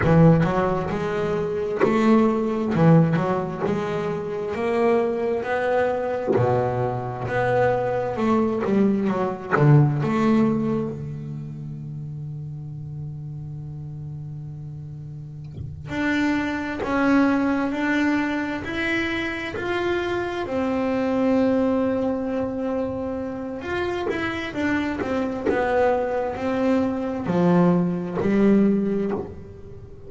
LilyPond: \new Staff \with { instrumentName = "double bass" } { \time 4/4 \tempo 4 = 66 e8 fis8 gis4 a4 e8 fis8 | gis4 ais4 b4 b,4 | b4 a8 g8 fis8 d8 a4 | d1~ |
d4. d'4 cis'4 d'8~ | d'8 e'4 f'4 c'4.~ | c'2 f'8 e'8 d'8 c'8 | b4 c'4 f4 g4 | }